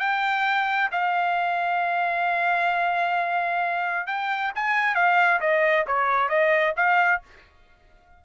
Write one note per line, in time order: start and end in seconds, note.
0.00 0.90 G5
0.92 4.07 F5
4.07 4.52 G5
4.55 4.95 G#5
4.95 5.41 F5
5.41 5.86 D#5
5.87 6.29 C#5
6.29 6.74 D#5
6.77 7.22 F5